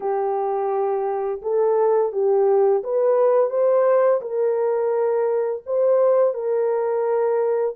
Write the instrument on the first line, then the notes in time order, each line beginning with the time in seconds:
horn
0.00 G4
1.42 A4
2.12 G4
2.83 B4
3.50 C5
4.21 A#4
5.66 C5
6.33 A#4